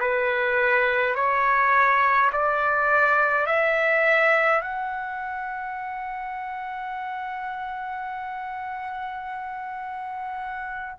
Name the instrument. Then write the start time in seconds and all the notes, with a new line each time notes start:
trumpet
0.00 B4
1.15 C#5
2.32 D5
3.47 E5
4.62 F#5